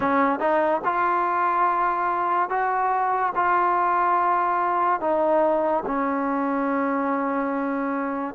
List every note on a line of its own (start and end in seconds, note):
0.00 0.39 C#4
0.39 0.81 D#4
0.84 2.49 F4
2.49 3.33 F#4
3.35 5.00 F4
5.00 5.83 D#4
5.86 8.34 C#4